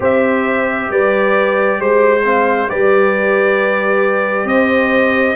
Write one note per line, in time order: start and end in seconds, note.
0.00 0.89 C4
0.00 2.20 G4
0.00 0.89 C5
0.00 0.91 E5
0.89 1.78 G3
0.89 1.80 B4
0.89 1.80 D5
1.78 2.68 G#3
1.78 2.24 C5
1.78 2.69 C5
2.23 2.68 C4
2.23 2.69 F5
2.68 4.44 G3
2.68 5.36 G4
2.68 4.47 B4
2.68 4.47 D5
4.44 5.34 C4
4.44 5.36 C5
4.44 5.36 D#5